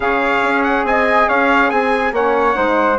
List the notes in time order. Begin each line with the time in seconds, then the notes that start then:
0.00 C#3 G#4 C#5 F5
0.42 C#4
0.63 F#5
0.84 C4 D#5 G#5
1.28 C#4 C#5 F5
1.68 C4 G#4 G#5
2.12 A#3 C#4 C#5 F#5
2.53 G#3 D#4 C5